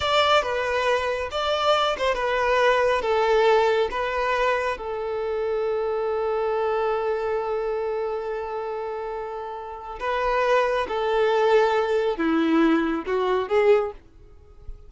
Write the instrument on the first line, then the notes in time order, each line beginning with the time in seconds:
violin
0.00 D5
0.42 B4
1.31 D5
1.98 C5
2.14 B4
3.01 A4
3.90 B4
4.77 A4
9.99 B4
10.88 A4
12.17 E4
13.06 F#4
13.48 G#4